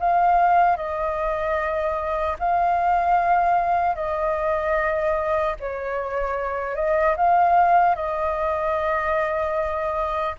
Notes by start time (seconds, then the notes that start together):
0.00 F5
0.76 D#5
2.39 F5
3.95 D#5
5.60 C#5
6.75 D#5
7.16 F5
7.96 D#5